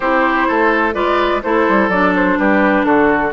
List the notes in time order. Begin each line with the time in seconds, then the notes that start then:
0.00 C4 E4 G4 C5
0.47 A3 A4
0.93 G#3 F4 B4 D5
1.42 A3 E4 A4 C5
1.68 G3
1.89 F#3 D4 D5
2.15 C5
2.37 G3 G4 B4
2.84 D3 F#4 A4